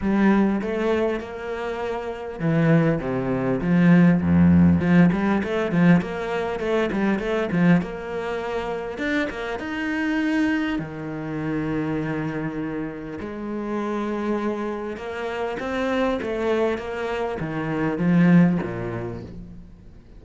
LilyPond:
\new Staff \with { instrumentName = "cello" } { \time 4/4 \tempo 4 = 100 g4 a4 ais2 | e4 c4 f4 f,4 | f8 g8 a8 f8 ais4 a8 g8 | a8 f8 ais2 d'8 ais8 |
dis'2 dis2~ | dis2 gis2~ | gis4 ais4 c'4 a4 | ais4 dis4 f4 ais,4 | }